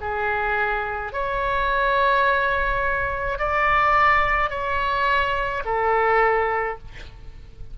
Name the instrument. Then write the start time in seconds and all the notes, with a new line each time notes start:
oboe
0.00 G#4
1.12 C#5
3.38 D5
4.49 C#5
5.64 A4